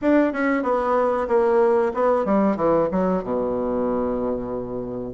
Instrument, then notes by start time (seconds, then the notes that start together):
bassoon
0.01 D4
0.32 C#4
0.62 B3
1.28 A#3
1.94 B3
2.25 G3
2.56 E3
2.91 F#3
3.23 B2